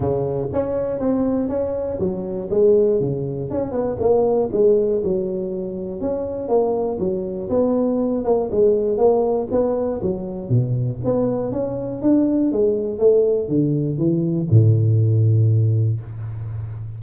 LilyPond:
\new Staff \with { instrumentName = "tuba" } { \time 4/4 \tempo 4 = 120 cis4 cis'4 c'4 cis'4 | fis4 gis4 cis4 cis'8 b8 | ais4 gis4 fis2 | cis'4 ais4 fis4 b4~ |
b8 ais8 gis4 ais4 b4 | fis4 b,4 b4 cis'4 | d'4 gis4 a4 d4 | e4 a,2. | }